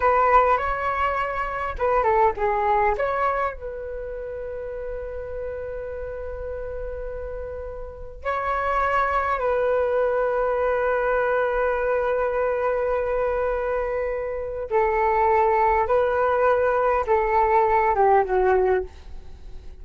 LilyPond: \new Staff \with { instrumentName = "flute" } { \time 4/4 \tempo 4 = 102 b'4 cis''2 b'8 a'8 | gis'4 cis''4 b'2~ | b'1~ | b'2 cis''2 |
b'1~ | b'1~ | b'4 a'2 b'4~ | b'4 a'4. g'8 fis'4 | }